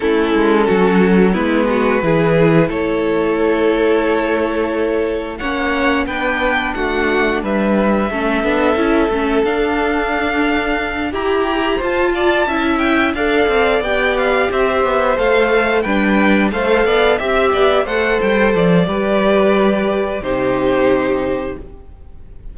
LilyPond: <<
  \new Staff \with { instrumentName = "violin" } { \time 4/4 \tempo 4 = 89 a'2 b'2 | cis''1 | fis''4 g''4 fis''4 e''4~ | e''2 f''2~ |
f''8 ais''4 a''4. g''8 f''8~ | f''8 g''8 f''8 e''4 f''4 g''8~ | g''8 f''4 e''4 fis''8 g''8 d''8~ | d''2 c''2 | }
  \new Staff \with { instrumentName = "violin" } { \time 4/4 e'4 fis'4 e'8 fis'8 gis'4 | a'1 | cis''4 b'4 fis'4 b'4 | a'1~ |
a'8 g'4 c''8 d''8 e''4 d''8~ | d''4. c''2 b'8~ | b'8 c''8 d''8 e''8 d''8 c''4. | b'2 g'2 | }
  \new Staff \with { instrumentName = "viola" } { \time 4/4 cis'2 b4 e'4~ | e'1 | cis'4 d'2. | cis'8 d'8 e'8 cis'8 d'2~ |
d'8 g'4 f'4 e'4 a'8~ | a'8 g'2 a'4 d'8~ | d'8 a'4 g'4 a'4. | g'2 dis'2 | }
  \new Staff \with { instrumentName = "cello" } { \time 4/4 a8 gis8 fis4 gis4 e4 | a1 | ais4 b4 a4 g4 | a8 b8 cis'8 a8 d'2~ |
d'8 e'4 f'4 cis'4 d'8 | c'8 b4 c'8 b8 a4 g8~ | g8 a8 b8 c'8 b8 a8 g8 f8 | g2 c2 | }
>>